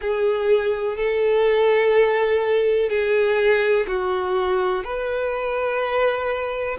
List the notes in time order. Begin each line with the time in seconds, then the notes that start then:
0.01 G#4
0.96 A4
2.89 G#4
3.87 F#4
4.84 B4